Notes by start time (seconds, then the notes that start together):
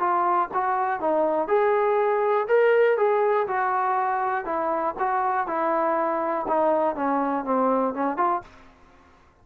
0.00 F4
0.54 F#4
1.01 D#4
1.48 G#4
2.48 A#4
2.98 G#4
3.48 F#4
4.45 E4
4.99 F#4
5.47 E4
6.48 D#4
6.96 C#4
7.45 C4
7.95 C#4
8.18 F4